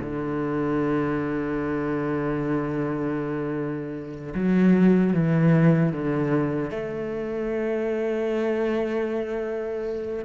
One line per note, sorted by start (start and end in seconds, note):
0.00 4.34 D3
4.35 5.14 F#3
5.14 5.92 E3
5.92 6.71 D3
6.71 10.25 A3